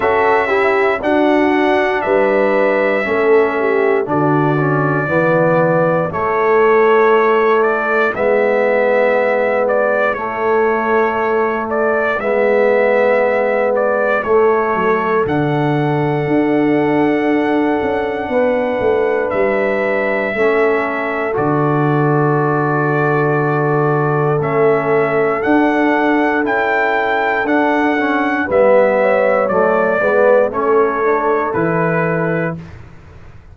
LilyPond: <<
  \new Staff \with { instrumentName = "trumpet" } { \time 4/4 \tempo 4 = 59 e''4 fis''4 e''2 | d''2 cis''4. d''8 | e''4. d''8 cis''4. d''8 | e''4. d''8 cis''4 fis''4~ |
fis''2. e''4~ | e''4 d''2. | e''4 fis''4 g''4 fis''4 | e''4 d''4 cis''4 b'4 | }
  \new Staff \with { instrumentName = "horn" } { \time 4/4 a'8 g'8 fis'4 b'4 a'8 g'8 | fis'4 e'2.~ | e'1~ | e'2~ e'8 a'4.~ |
a'2 b'2 | a'1~ | a'1 | b'8 cis''4 b'8 a'2 | }
  \new Staff \with { instrumentName = "trombone" } { \time 4/4 fis'8 e'8 d'2 cis'4 | d'8 cis'8 b4 a2 | b2 a2 | b2 a4 d'4~ |
d'1 | cis'4 fis'2. | cis'4 d'4 e'4 d'8 cis'8 | b4 a8 b8 cis'8 d'8 e'4 | }
  \new Staff \with { instrumentName = "tuba" } { \time 4/4 cis'4 d'4 g4 a4 | d4 e4 a2 | gis2 a2 | gis2 a8 fis8 d4 |
d'4. cis'8 b8 a8 g4 | a4 d2. | a4 d'4 cis'4 d'4 | g4 fis8 gis8 a4 e4 | }
>>